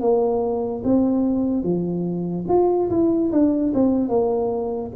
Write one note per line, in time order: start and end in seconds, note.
0.00 0.82 A#3
0.84 1.63 C4
1.63 2.45 F3
2.48 2.89 F4
2.90 3.31 E4
3.31 3.72 D4
3.74 4.08 C4
4.08 4.91 A#3